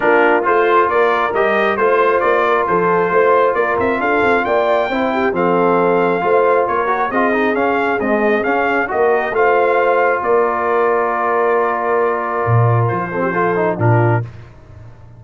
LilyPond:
<<
  \new Staff \with { instrumentName = "trumpet" } { \time 4/4 \tempo 4 = 135 ais'4 c''4 d''4 dis''4 | c''4 d''4 c''2 | d''8 e''8 f''4 g''2 | f''2. cis''4 |
dis''4 f''4 dis''4 f''4 | dis''4 f''2 d''4~ | d''1~ | d''4 c''2 ais'4 | }
  \new Staff \with { instrumentName = "horn" } { \time 4/4 f'2 ais'2 | c''4. ais'8 a'4 c''4 | ais'4 a'4 d''4 c''8 g'8 | a'2 c''4 ais'4 |
gis'1 | ais'4 c''2 ais'4~ | ais'1~ | ais'4. a'16 g'16 a'4 f'4 | }
  \new Staff \with { instrumentName = "trombone" } { \time 4/4 d'4 f'2 g'4 | f'1~ | f'2. e'4 | c'2 f'4. fis'8 |
f'8 dis'8 cis'4 gis4 cis'4 | fis'4 f'2.~ | f'1~ | f'4. c'8 f'8 dis'8 d'4 | }
  \new Staff \with { instrumentName = "tuba" } { \time 4/4 ais4 a4 ais4 g4 | a4 ais4 f4 a4 | ais8 c'8 d'8 c'8 ais4 c'4 | f2 a4 ais4 |
c'4 cis'4 c'4 cis'4 | ais4 a2 ais4~ | ais1 | ais,4 f2 ais,4 | }
>>